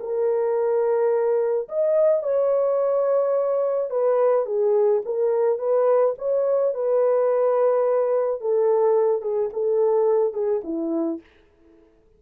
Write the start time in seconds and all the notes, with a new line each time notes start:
0.00 A#4
1.69 D#5
2.23 C#5
3.90 B4
4.46 G#4
5.05 A#4
5.59 B4
6.18 C#5
6.74 B4
8.41 A4
9.22 G#4
9.53 A4
10.34 G#4
10.64 E4